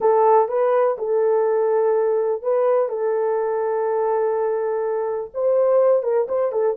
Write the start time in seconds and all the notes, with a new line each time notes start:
0.00 A4
0.48 B4
0.97 A4
2.42 B4
2.88 A4
5.34 C5
6.02 A#4
6.28 C5
6.52 A4